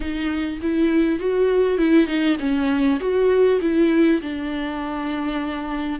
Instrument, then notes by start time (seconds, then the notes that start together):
viola
0.00 D#4
0.62 E4
1.19 F#4
1.78 E4
2.06 D#4
2.39 C#4
3.00 F#4
3.61 E4
4.21 D4